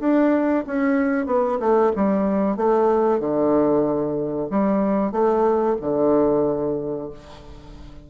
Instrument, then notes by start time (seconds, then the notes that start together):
bassoon
0.00 D4
0.67 C#4
1.27 B3
1.60 A3
1.96 G3
2.57 A3
3.20 D3
4.50 G3
5.12 A3
5.81 D3